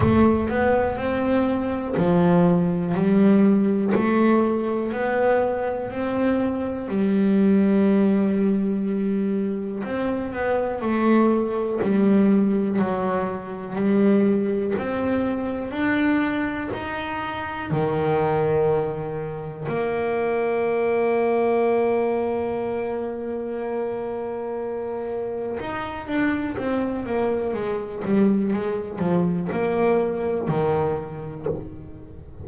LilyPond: \new Staff \with { instrumentName = "double bass" } { \time 4/4 \tempo 4 = 61 a8 b8 c'4 f4 g4 | a4 b4 c'4 g4~ | g2 c'8 b8 a4 | g4 fis4 g4 c'4 |
d'4 dis'4 dis2 | ais1~ | ais2 dis'8 d'8 c'8 ais8 | gis8 g8 gis8 f8 ais4 dis4 | }